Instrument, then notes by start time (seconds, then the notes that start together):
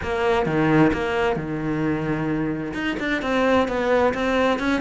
cello
0.02 A#3
0.46 D#3
0.93 A#3
1.36 D#3
2.73 D#4
2.99 D4
3.22 C4
3.67 B3
4.13 C4
4.59 C#4